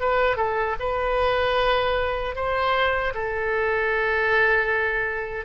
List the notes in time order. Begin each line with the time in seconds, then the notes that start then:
0.00 B4
0.36 A4
0.79 B4
2.35 C5
3.14 A4